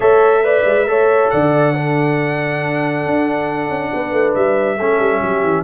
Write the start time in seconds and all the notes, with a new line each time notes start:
0.00 A3 A4 C#5 E5
0.44 B4 D5
0.65 G#3
0.86 A3 A4 C#5
1.29 D3 D5 F#5
1.74 D4 A4
3.05 D4
3.69 C#4
3.93 B3 B4
4.12 A3
4.34 G3 E5
4.77 A3 C#4 A4
4.99 G3
5.21 F#3 G4
5.43 E3